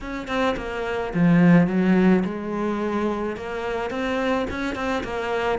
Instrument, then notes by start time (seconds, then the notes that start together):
cello
0.00 C#4
0.27 C4
0.57 A#3
1.14 F3
1.67 F#3
2.24 G#3
3.36 A#3
3.90 C4
4.50 C#4
4.75 C4
5.03 A#3